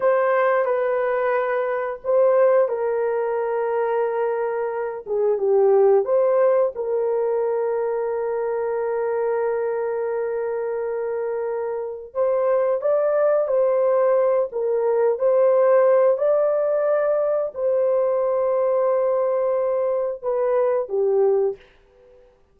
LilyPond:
\new Staff \with { instrumentName = "horn" } { \time 4/4 \tempo 4 = 89 c''4 b'2 c''4 | ais'2.~ ais'8 gis'8 | g'4 c''4 ais'2~ | ais'1~ |
ais'2 c''4 d''4 | c''4. ais'4 c''4. | d''2 c''2~ | c''2 b'4 g'4 | }